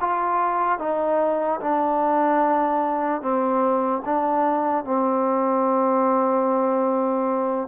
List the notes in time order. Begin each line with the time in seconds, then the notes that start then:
0.00 F4
0.79 D#4
1.60 D4
3.21 C4
4.05 D4
4.84 C4